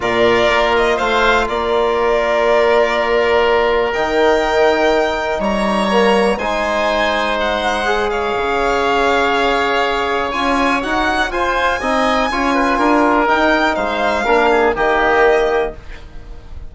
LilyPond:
<<
  \new Staff \with { instrumentName = "violin" } { \time 4/4 \tempo 4 = 122 d''4. dis''8 f''4 d''4~ | d''1 | g''2. ais''4~ | ais''4 gis''2 fis''4~ |
fis''8 f''2.~ f''8~ | f''4 gis''4 fis''4 gis''4~ | gis''2. g''4 | f''2 dis''2 | }
  \new Staff \with { instrumentName = "oboe" } { \time 4/4 ais'2 c''4 ais'4~ | ais'1~ | ais'2. cis''4~ | cis''4 c''2.~ |
c''8 cis''2.~ cis''8~ | cis''2. c''4 | dis''4 cis''8 b'8 ais'2 | c''4 ais'8 gis'8 g'2 | }
  \new Staff \with { instrumentName = "trombone" } { \time 4/4 f'1~ | f'1 | dis'1 | ais4 dis'2. |
gis'1~ | gis'4 f'4 fis'4 f'4 | dis'4 f'2 dis'4~ | dis'4 d'4 ais2 | }
  \new Staff \with { instrumentName = "bassoon" } { \time 4/4 ais,4 ais4 a4 ais4~ | ais1 | dis2. g4~ | g4 gis2.~ |
gis4 cis2.~ | cis4 cis'4 dis'4 f'4 | c'4 cis'4 d'4 dis'4 | gis4 ais4 dis2 | }
>>